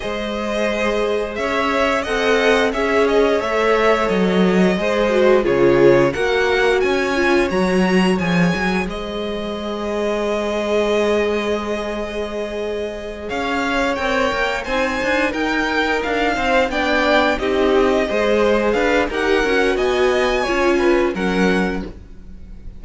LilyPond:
<<
  \new Staff \with { instrumentName = "violin" } { \time 4/4 \tempo 4 = 88 dis''2 e''4 fis''4 | e''8 dis''8 e''4 dis''2 | cis''4 fis''4 gis''4 ais''4 | gis''4 dis''2.~ |
dis''2.~ dis''8 f''8~ | f''8 g''4 gis''4 g''4 f''8~ | f''8 g''4 dis''2 f''8 | fis''4 gis''2 fis''4 | }
  \new Staff \with { instrumentName = "violin" } { \time 4/4 c''2 cis''4 dis''4 | cis''2. c''4 | gis'4 ais'4 cis''2~ | cis''4 c''2.~ |
c''2.~ c''8 cis''8~ | cis''4. c''4 ais'4. | c''8 d''4 g'4 c''4 b'8 | ais'4 dis''4 cis''8 b'8 ais'4 | }
  \new Staff \with { instrumentName = "viola" } { \time 4/4 gis'2. a'4 | gis'4 a'2 gis'8 fis'8 | f'4 fis'4. f'8 fis'4 | gis'1~ |
gis'1~ | gis'8 ais'4 dis'2~ dis'8~ | dis'8 d'4 dis'4 gis'4. | g'8 fis'4. f'4 cis'4 | }
  \new Staff \with { instrumentName = "cello" } { \time 4/4 gis2 cis'4 c'4 | cis'4 a4 fis4 gis4 | cis4 ais4 cis'4 fis4 | f8 fis8 gis2.~ |
gis2.~ gis8 cis'8~ | cis'8 c'8 ais8 c'8 d'8 dis'4 d'8 | c'8 b4 c'4 gis4 d'8 | dis'8 cis'8 b4 cis'4 fis4 | }
>>